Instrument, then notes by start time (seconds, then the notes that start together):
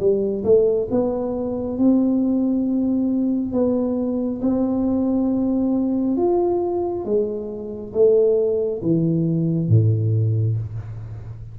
tuba
0.00 G3
0.45 A3
0.91 B3
1.78 C4
3.53 B3
4.42 C4
6.17 F4
7.05 G#3
7.94 A3
8.82 E3
9.69 A2